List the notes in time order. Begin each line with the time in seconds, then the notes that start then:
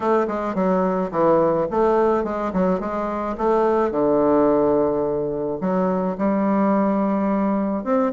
0.00 A3
0.27 G#3
0.55 F#3
1.11 E3
1.70 A3
2.24 G#3
2.53 F#3
2.80 G#3
3.37 A3
3.91 D3
5.60 F#3
6.18 G3
7.84 C4